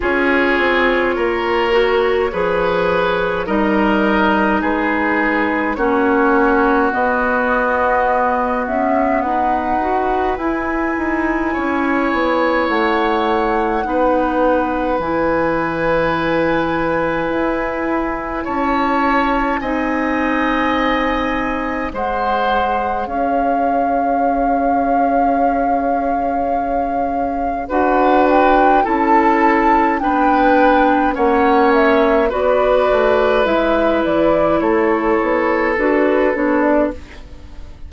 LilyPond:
<<
  \new Staff \with { instrumentName = "flute" } { \time 4/4 \tempo 4 = 52 cis''2. dis''4 | b'4 cis''4 dis''4. e''8 | fis''4 gis''2 fis''4~ | fis''4 gis''2. |
a''4 gis''2 fis''4 | f''1 | fis''8 g''8 a''4 g''4 fis''8 e''8 | d''4 e''8 d''8 cis''4 b'8 cis''16 d''16 | }
  \new Staff \with { instrumentName = "oboe" } { \time 4/4 gis'4 ais'4 b'4 ais'4 | gis'4 fis'2. | b'2 cis''2 | b'1 |
cis''4 dis''2 c''4 | cis''1 | b'4 a'4 b'4 cis''4 | b'2 a'2 | }
  \new Staff \with { instrumentName = "clarinet" } { \time 4/4 f'4. fis'8 gis'4 dis'4~ | dis'4 cis'4 b2~ | b8 fis'8 e'2. | dis'4 e'2.~ |
e'4 dis'2 gis'4~ | gis'1 | fis'4 e'4 d'4 cis'4 | fis'4 e'2 fis'8 d'8 | }
  \new Staff \with { instrumentName = "bassoon" } { \time 4/4 cis'8 c'8 ais4 f4 g4 | gis4 ais4 b4. cis'8 | dis'4 e'8 dis'8 cis'8 b8 a4 | b4 e2 e'4 |
cis'4 c'2 gis4 | cis'1 | d'4 cis'4 b4 ais4 | b8 a8 gis8 e8 a8 b8 d'8 b8 | }
>>